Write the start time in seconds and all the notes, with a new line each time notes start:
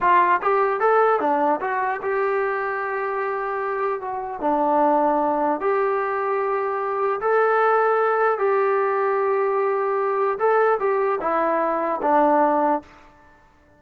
0.00 F4
0.41 G4
0.79 A4
1.20 D4
1.60 F#4
2.02 G4
4.01 F#4
4.40 D4
5.60 G4
7.20 A4
8.38 G4
10.38 A4
10.79 G4
11.20 E4
12.02 D4